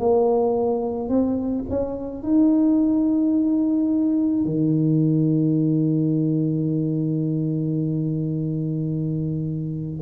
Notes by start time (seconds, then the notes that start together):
0.00 A#3
1.10 C4
1.70 C#4
2.23 D#4
4.45 D#3